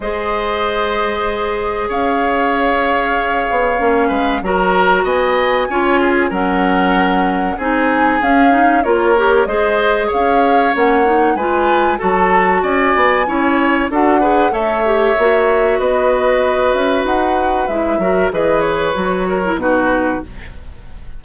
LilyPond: <<
  \new Staff \with { instrumentName = "flute" } { \time 4/4 \tempo 4 = 95 dis''2. f''4~ | f''2. ais''4 | gis''2 fis''2 | gis''4 f''4 cis''4 dis''4 |
f''4 fis''4 gis''4 a''4 | gis''2 fis''4 e''4~ | e''4 dis''4. e''8 fis''4 | e''4 dis''8 cis''4. b'4 | }
  \new Staff \with { instrumentName = "oboe" } { \time 4/4 c''2. cis''4~ | cis''2~ cis''8 b'8 ais'4 | dis''4 cis''8 gis'8 ais'2 | gis'2 ais'4 c''4 |
cis''2 b'4 a'4 | d''4 cis''4 a'8 b'8 cis''4~ | cis''4 b'2.~ | b'8 ais'8 b'4. ais'8 fis'4 | }
  \new Staff \with { instrumentName = "clarinet" } { \time 4/4 gis'1~ | gis'2 cis'4 fis'4~ | fis'4 f'4 cis'2 | dis'4 cis'8 dis'8 f'8 g'8 gis'4~ |
gis'4 cis'8 dis'8 f'4 fis'4~ | fis'4 e'4 fis'8 gis'8 a'8 g'8 | fis'1 | e'8 fis'8 gis'4 fis'8. e'16 dis'4 | }
  \new Staff \with { instrumentName = "bassoon" } { \time 4/4 gis2. cis'4~ | cis'4. b8 ais8 gis8 fis4 | b4 cis'4 fis2 | c'4 cis'4 ais4 gis4 |
cis'4 ais4 gis4 fis4 | cis'8 b8 cis'4 d'4 a4 | ais4 b4. cis'8 dis'4 | gis8 fis8 e4 fis4 b,4 | }
>>